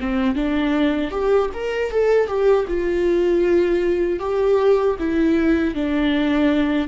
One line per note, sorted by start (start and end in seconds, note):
0.00 0.35 C4
0.35 1.11 D4
1.11 1.50 G4
1.54 1.91 A#4
1.91 2.28 A4
2.28 2.66 G4
2.68 4.20 F4
4.20 4.97 G4
4.99 5.74 E4
5.74 6.88 D4